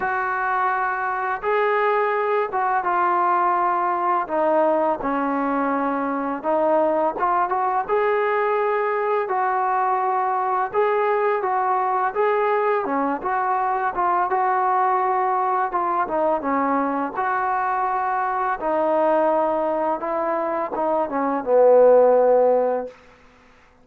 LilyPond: \new Staff \with { instrumentName = "trombone" } { \time 4/4 \tempo 4 = 84 fis'2 gis'4. fis'8 | f'2 dis'4 cis'4~ | cis'4 dis'4 f'8 fis'8 gis'4~ | gis'4 fis'2 gis'4 |
fis'4 gis'4 cis'8 fis'4 f'8 | fis'2 f'8 dis'8 cis'4 | fis'2 dis'2 | e'4 dis'8 cis'8 b2 | }